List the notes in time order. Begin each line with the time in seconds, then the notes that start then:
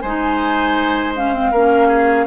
0.00 G#3 D#4 C5 G#5
1.15 C#4 F5
1.33 C4
1.51 A#3 C#4 A#4
1.87 G#4